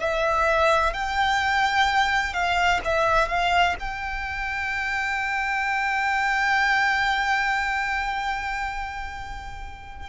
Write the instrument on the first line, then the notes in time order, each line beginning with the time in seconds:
violin
0.00 E5
0.94 G5
2.34 F5
2.85 E5
3.29 F5
3.80 G5